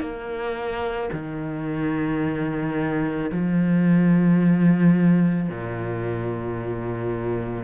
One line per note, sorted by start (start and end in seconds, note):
0.00 1.09 A#3
1.12 3.30 D#3
3.32 5.49 F3
5.49 7.64 A#2